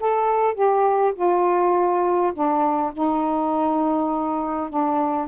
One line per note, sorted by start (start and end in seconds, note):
0.00 0.54 A4
0.54 1.13 G4
1.15 2.33 F4
2.33 2.92 D4
2.93 4.70 D#4
4.70 5.28 D4